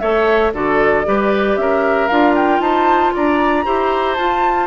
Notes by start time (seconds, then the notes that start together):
0.00 A3 A4 C#5 E5
0.53 D3 F#4 A4 D5
1.05 G3 G4 B4
1.57 C#4 A#4 E5
2.08 D4 F4 F5
2.36 G5
2.60 D#4 C5 A5
3.14 D4 D5 A#5
3.65 E4 G4 C5
4.15 F4 A5